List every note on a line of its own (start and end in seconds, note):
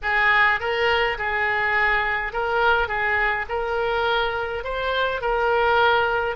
0.02 0.60 G#4
0.60 1.17 A#4
1.17 2.32 G#4
2.32 2.88 A#4
2.88 3.45 G#4
3.49 4.64 A#4
4.64 5.21 C5
5.21 6.36 A#4